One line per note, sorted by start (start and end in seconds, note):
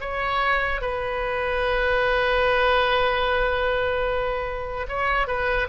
0.00 0.81 C#5
0.81 4.86 B4
4.88 5.27 C#5
5.27 5.67 B4